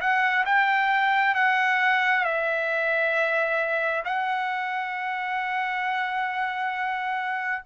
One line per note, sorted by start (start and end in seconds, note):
0.00 0.45 F#5
0.45 1.35 G5
1.35 2.24 F#5
2.24 4.03 E5
4.05 7.63 F#5